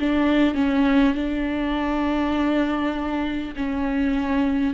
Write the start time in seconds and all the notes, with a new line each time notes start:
0.00 D4
0.55 C#4
1.15 D4
3.57 C#4